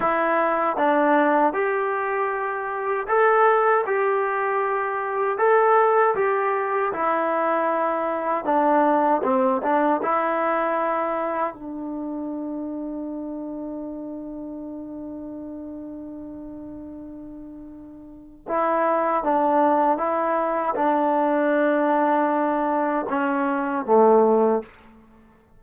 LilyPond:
\new Staff \with { instrumentName = "trombone" } { \time 4/4 \tempo 4 = 78 e'4 d'4 g'2 | a'4 g'2 a'4 | g'4 e'2 d'4 | c'8 d'8 e'2 d'4~ |
d'1~ | d'1 | e'4 d'4 e'4 d'4~ | d'2 cis'4 a4 | }